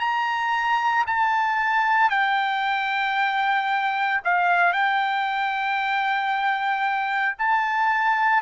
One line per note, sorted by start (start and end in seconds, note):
0.00 1.05 A#5
1.07 2.11 A5
2.11 4.21 G5
4.25 4.73 F5
4.73 7.36 G5
7.39 8.43 A5